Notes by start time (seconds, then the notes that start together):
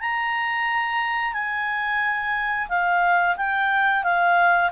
0.00 A#5
1.33 G#5
2.68 F5
3.37 G5
4.03 F5